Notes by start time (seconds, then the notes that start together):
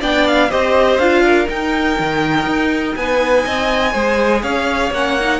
0.00 B3 D4 D5 G5
0.27 F5
0.49 C4 G4 C5 D#5
0.98 D4 F4 F5
1.25 A#4
1.45 D#4 G5
1.99 D#3
2.46 D#4
2.96 B3 B4 G#5
3.45 C4 D#5
3.92 G#3 G#4 C5
4.42 C#4 C#5 F5
4.90 A#3 C#4 F#5
5.20 D#4